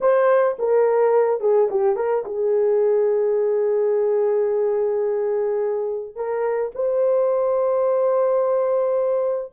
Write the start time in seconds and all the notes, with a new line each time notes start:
0.00 C5
0.59 A#4
1.40 G#4
1.70 G4
1.95 A#4
2.25 G#4
6.15 A#4
6.74 C5